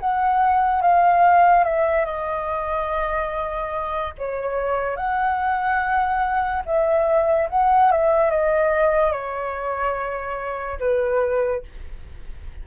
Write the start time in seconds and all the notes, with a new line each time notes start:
0.00 F#5
0.81 F5
1.64 E5
2.05 D#5
4.17 C#5
4.96 F#5
6.65 E5
7.50 F#5
7.91 E5
8.30 D#5
9.12 C#5
10.79 B4